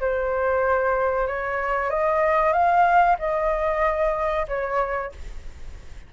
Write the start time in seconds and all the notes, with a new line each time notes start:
0.00 C5
1.27 C#5
1.90 D#5
2.52 F5
3.18 D#5
4.48 C#5